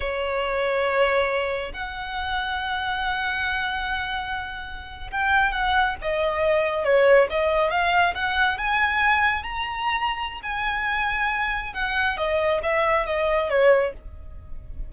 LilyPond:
\new Staff \with { instrumentName = "violin" } { \time 4/4 \tempo 4 = 138 cis''1 | fis''1~ | fis''2.~ fis''8. g''16~ | g''8. fis''4 dis''2 cis''16~ |
cis''8. dis''4 f''4 fis''4 gis''16~ | gis''4.~ gis''16 ais''2~ ais''16 | gis''2. fis''4 | dis''4 e''4 dis''4 cis''4 | }